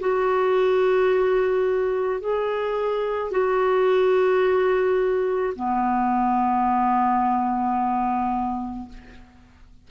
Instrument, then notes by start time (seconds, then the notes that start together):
clarinet
0.00 F#4
2.20 G#4
3.31 F#4
5.56 B3